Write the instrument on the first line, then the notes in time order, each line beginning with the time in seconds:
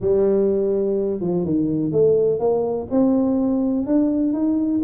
tuba
0.00 G3
1.20 F3
1.44 D#3
1.92 A3
2.39 A#3
2.90 C4
3.86 D4
4.33 D#4